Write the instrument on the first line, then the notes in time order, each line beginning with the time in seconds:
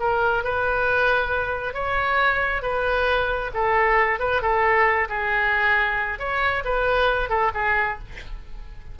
oboe
0.00 A#4
0.44 B4
1.74 C#5
2.62 B4
3.54 A4
4.20 B4
4.42 A4
5.09 G#4
6.19 C#5
6.65 B4
7.30 A4
7.55 G#4